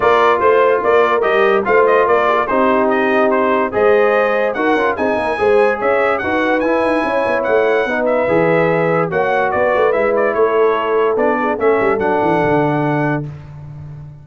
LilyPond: <<
  \new Staff \with { instrumentName = "trumpet" } { \time 4/4 \tempo 4 = 145 d''4 c''4 d''4 dis''4 | f''8 dis''8 d''4 c''4 dis''4 | c''4 dis''2 fis''4 | gis''2 e''4 fis''4 |
gis''2 fis''4. e''8~ | e''2 fis''4 d''4 | e''8 d''8 cis''2 d''4 | e''4 fis''2. | }
  \new Staff \with { instrumentName = "horn" } { \time 4/4 ais'4 c''4 ais'2 | c''4 ais'8 gis'16 ais'16 g'2~ | g'4 c''2 ais'4 | gis'8 ais'8 c''4 cis''4 b'4~ |
b'4 cis''2 b'4~ | b'2 cis''4 b'4~ | b'4 a'2~ a'8 gis'8 | a'1 | }
  \new Staff \with { instrumentName = "trombone" } { \time 4/4 f'2. g'4 | f'2 dis'2~ | dis'4 gis'2 fis'8 f'8 | dis'4 gis'2 fis'4 |
e'2. dis'4 | gis'2 fis'2 | e'2. d'4 | cis'4 d'2. | }
  \new Staff \with { instrumentName = "tuba" } { \time 4/4 ais4 a4 ais4 g4 | a4 ais4 c'2~ | c'4 gis2 dis'8 cis'8 | c'8 ais8 gis4 cis'4 dis'4 |
e'8 dis'8 cis'8 b8 a4 b4 | e2 ais4 b8 a8 | gis4 a2 b4 | a8 g8 fis8 e8 d2 | }
>>